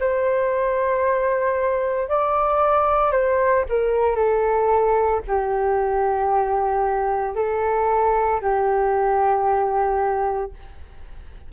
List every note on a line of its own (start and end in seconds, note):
0.00 2.09 C5
2.09 3.12 D5
3.12 3.65 C5
3.69 4.16 A#4
4.16 5.21 A4
5.28 7.36 G4
7.36 8.41 A4
8.41 10.52 G4